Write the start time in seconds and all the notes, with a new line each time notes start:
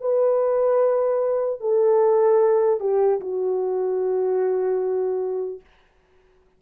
0.00 B4
1.60 A4
2.80 G4
3.20 F#4